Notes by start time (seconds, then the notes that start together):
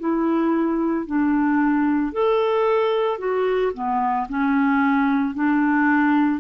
0.00 E4
1.07 D4
2.13 A4
3.19 F#4
3.74 B3
4.29 C#4
5.34 D4